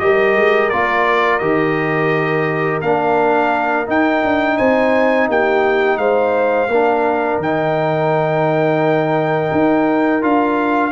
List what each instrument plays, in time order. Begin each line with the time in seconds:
0.00 tuba G3, trombone G4, horn A#4, trumpet D#5
0.35 tuba G#3
0.70 tuba A#3, trombone F4, trumpet D5
1.39 tuba D#3, trombone G4, trumpet D#5
2.82 tuba A#3, trombone D4, trumpet F5
3.86 trombone D#4, tuba D#4, trumpet G5
4.24 tuba D4
4.58 tuba C4, horn C5, trumpet G#5
5.29 tuba A#3, horn G4, trumpet G5
5.98 tuba G#3, horn C5, trumpet F5
6.68 tuba A#3, trombone D4, horn A#4
7.38 tuba D#3, trombone D#4, trumpet G5
9.52 tuba D#4
10.22 tuba D4, trombone F4, trumpet F5